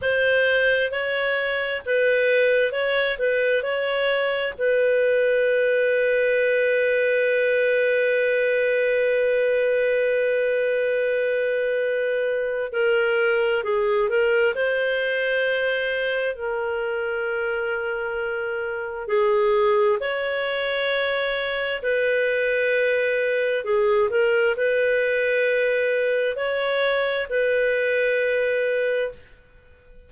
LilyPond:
\new Staff \with { instrumentName = "clarinet" } { \time 4/4 \tempo 4 = 66 c''4 cis''4 b'4 cis''8 b'8 | cis''4 b'2.~ | b'1~ | b'2 ais'4 gis'8 ais'8 |
c''2 ais'2~ | ais'4 gis'4 cis''2 | b'2 gis'8 ais'8 b'4~ | b'4 cis''4 b'2 | }